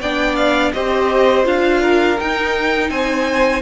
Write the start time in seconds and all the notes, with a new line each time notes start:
0.00 B3 D4 D5 G5
0.36 F5
0.73 C4 G4 C5 D#5
1.44 D4 F4 F5
1.82 A#4
2.19 D#4 G5
2.90 C4 C5 G#5